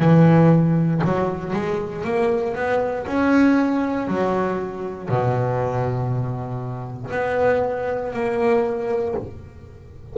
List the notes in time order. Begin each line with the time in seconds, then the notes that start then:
0.00 E3
1.04 F#3
1.53 G#3
2.04 A#3
2.55 B3
3.06 C#4
4.08 F#3
5.09 B2
7.11 B3
8.13 A#3